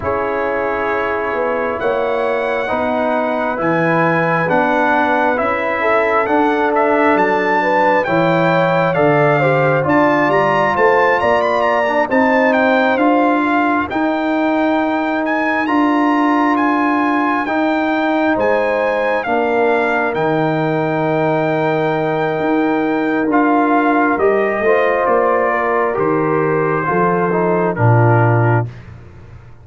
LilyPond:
<<
  \new Staff \with { instrumentName = "trumpet" } { \time 4/4 \tempo 4 = 67 cis''2 fis''2 | gis''4 fis''4 e''4 fis''8 e''8 | a''4 g''4 f''4 a''8 ais''8 | a''8 ais''16 b''16 ais''8 a''8 g''8 f''4 g''8~ |
g''4 gis''8 ais''4 gis''4 g''8~ | g''8 gis''4 f''4 g''4.~ | g''2 f''4 dis''4 | d''4 c''2 ais'4 | }
  \new Staff \with { instrumentName = "horn" } { \time 4/4 gis'2 cis''4 b'4~ | b'2~ b'8 a'4.~ | a'8 b'8 cis''4 d''8 c''8 d''4 | c''8 d''4 c''4. ais'4~ |
ais'1~ | ais'8 c''4 ais'2~ ais'8~ | ais'2.~ ais'8 c''8~ | c''8 ais'4. a'4 f'4 | }
  \new Staff \with { instrumentName = "trombone" } { \time 4/4 e'2. dis'4 | e'4 d'4 e'4 d'4~ | d'4 e'4 a'8 g'8 f'4~ | f'4~ f'16 d'16 dis'4 f'4 dis'8~ |
dis'4. f'2 dis'8~ | dis'4. d'4 dis'4.~ | dis'2 f'4 g'8 f'8~ | f'4 g'4 f'8 dis'8 d'4 | }
  \new Staff \with { instrumentName = "tuba" } { \time 4/4 cis'4. b8 ais4 b4 | e4 b4 cis'4 d'4 | fis4 e4 d4 d'8 g8 | a8 ais4 c'4 d'4 dis'8~ |
dis'4. d'2 dis'8~ | dis'8 gis4 ais4 dis4.~ | dis4 dis'4 d'4 g8 a8 | ais4 dis4 f4 ais,4 | }
>>